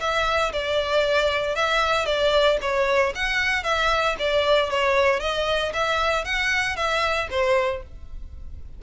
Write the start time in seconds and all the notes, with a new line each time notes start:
0.00 E5
0.52 D5
1.55 E5
2.06 D5
2.61 C#5
3.15 F#5
3.63 E5
4.19 D5
4.70 C#5
5.20 D#5
5.73 E5
6.24 F#5
6.76 E5
7.30 C5